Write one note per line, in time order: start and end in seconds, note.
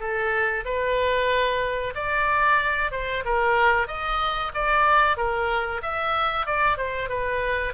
0.00 0.65 A4
0.65 1.94 B4
1.95 2.92 D5
2.92 3.24 C5
3.26 3.88 A#4
3.88 4.52 D#5
4.55 5.17 D5
5.17 5.82 A#4
5.82 6.47 E5
6.47 6.78 D5
6.78 7.09 C5
7.09 7.74 B4